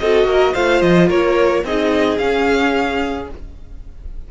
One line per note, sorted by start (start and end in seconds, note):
0.00 0.24 C4
0.00 0.55 F#4
0.00 0.28 A4
0.00 0.55 D#5
0.24 0.52 A#3
0.24 0.53 A#4
0.53 0.82 A3
0.53 1.65 F4
0.53 1.08 C5
0.53 0.82 F5
0.82 1.10 F3
0.82 1.09 D#5
1.08 1.64 A#3
1.08 1.63 A#4
1.08 1.65 C#5
1.64 2.19 C4
1.64 2.18 D#4
1.64 3.31 G#4
1.64 2.18 D#5
2.18 3.28 C#4
2.18 3.29 C#4
2.18 3.28 F5